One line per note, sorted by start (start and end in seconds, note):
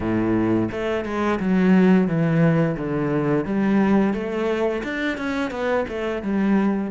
0.00 0.69 A2
0.71 1.04 A3
1.04 1.39 G#3
1.39 2.07 F#3
2.07 2.76 E3
2.77 3.45 D3
3.45 4.13 G3
4.13 4.82 A3
4.83 5.17 D4
5.17 5.50 C#4
5.50 5.85 B3
5.88 6.22 A3
6.22 6.91 G3